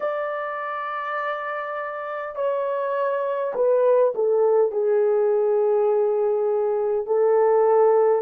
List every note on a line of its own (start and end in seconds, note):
0.00 2.35 D5
2.35 3.53 C#5
3.55 4.13 B4
4.14 4.71 A4
4.71 7.06 G#4
7.06 8.21 A4